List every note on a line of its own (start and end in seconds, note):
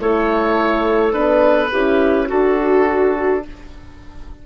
0.00 1.15 A3
0.00 1.13 E4
0.00 1.72 A4
0.00 1.13 C#5
1.13 1.73 B3
1.13 1.71 D4
1.13 2.29 B4
1.72 2.31 C#4
1.72 2.31 E4
1.72 2.27 G4
2.27 3.47 D4
2.27 3.43 F#4
2.27 3.46 F#4
2.27 3.45 A4